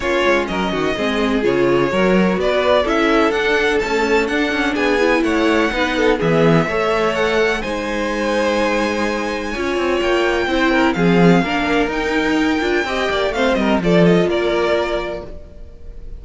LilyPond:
<<
  \new Staff \with { instrumentName = "violin" } { \time 4/4 \tempo 4 = 126 cis''4 dis''2 cis''4~ | cis''4 d''4 e''4 fis''4 | a''4 fis''4 gis''4 fis''4~ | fis''4 e''2 fis''4 |
gis''1~ | gis''4 g''2 f''4~ | f''4 g''2. | f''8 dis''8 d''8 dis''8 d''2 | }
  \new Staff \with { instrumentName = "violin" } { \time 4/4 f'4 ais'8 fis'8 gis'2 | ais'4 b'4 a'2~ | a'2 gis'4 cis''4 | b'8 a'8 gis'4 cis''2 |
c''1 | cis''2 c''8 ais'8 gis'4 | ais'2. dis''8 d''8 | c''8 ais'8 a'4 ais'2 | }
  \new Staff \with { instrumentName = "viola" } { \time 4/4 cis'2 c'4 f'4 | fis'2 e'4 d'4 | a4 d'4. e'4. | dis'4 b4 a'2 |
dis'1 | f'2 e'4 c'4 | d'4 dis'4. f'8 g'4 | c'4 f'2. | }
  \new Staff \with { instrumentName = "cello" } { \time 4/4 ais8 gis8 fis8 dis8 gis4 cis4 | fis4 b4 cis'4 d'4 | cis'4 d'8 cis'8 b4 a4 | b4 e4 a2 |
gis1 | cis'8 c'8 ais4 c'4 f4 | ais4 dis'4. d'8 c'8 ais8 | a8 g8 f4 ais2 | }
>>